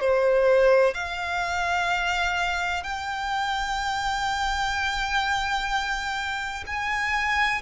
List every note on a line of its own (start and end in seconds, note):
0.00 0.94 C5
0.94 2.83 F5
2.83 6.64 G5
6.66 7.61 G#5